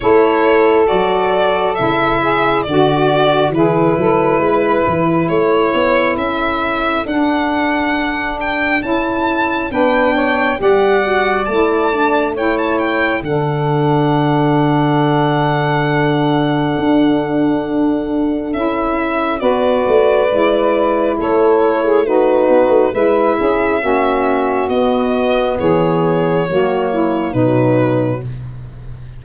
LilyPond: <<
  \new Staff \with { instrumentName = "violin" } { \time 4/4 \tempo 4 = 68 cis''4 d''4 e''4 d''4 | b'2 cis''4 e''4 | fis''4. g''8 a''4 g''4 | fis''4 a''4 g''16 a''16 g''8 fis''4~ |
fis''1~ | fis''4 e''4 d''2 | cis''4 b'4 e''2 | dis''4 cis''2 b'4 | }
  \new Staff \with { instrumentName = "saxophone" } { \time 4/4 a'2~ a'8 gis'8 fis'4 | gis'8 a'8 b'4 a'2~ | a'2. b'8 cis''8 | d''2 cis''4 a'4~ |
a'1~ | a'2 b'2 | a'8. gis'16 fis'4 b'8 gis'8 fis'4~ | fis'4 gis'4 fis'8 e'8 dis'4 | }
  \new Staff \with { instrumentName = "saxophone" } { \time 4/4 e'4 fis'4 e'4 fis'4 | e'1 | d'2 e'4 d'4 | g'8 fis'8 e'8 d'8 e'4 d'4~ |
d'1~ | d'4 e'4 fis'4 e'4~ | e'4 dis'4 e'4 cis'4 | b2 ais4 fis4 | }
  \new Staff \with { instrumentName = "tuba" } { \time 4/4 a4 fis4 cis4 d4 | e8 fis8 gis8 e8 a8 b8 cis'4 | d'2 cis'4 b4 | g4 a2 d4~ |
d2. d'4~ | d'4 cis'4 b8 a8 gis4 | a4. b16 a16 gis8 cis'8 ais4 | b4 e4 fis4 b,4 | }
>>